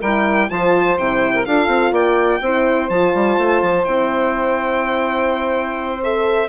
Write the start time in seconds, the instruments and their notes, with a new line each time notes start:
0.00 bassoon G3, horn E4, saxophone A#4, violin G5
0.49 bassoon F3, horn F4, saxophone C5, violin A5
0.97 bassoon C3, horn E4, violin G5
1.34 saxophone A#4
1.45 bassoon D4, horn F4, saxophone A4, violin F5
1.67 bassoon C4
1.91 bassoon A#3, saxophone D5, violin G5
2.41 bassoon C4, horn E4, saxophone C5
2.89 bassoon F3, horn F4, violin A5
3.14 bassoon G3
3.38 bassoon A3
3.62 bassoon F3
3.84 bassoon C4, horn E4, violin G5
6.03 horn A4, violin E5